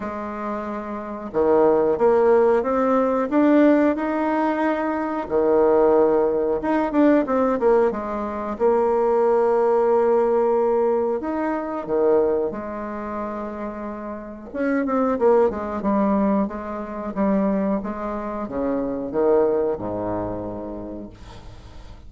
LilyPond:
\new Staff \with { instrumentName = "bassoon" } { \time 4/4 \tempo 4 = 91 gis2 dis4 ais4 | c'4 d'4 dis'2 | dis2 dis'8 d'8 c'8 ais8 | gis4 ais2.~ |
ais4 dis'4 dis4 gis4~ | gis2 cis'8 c'8 ais8 gis8 | g4 gis4 g4 gis4 | cis4 dis4 gis,2 | }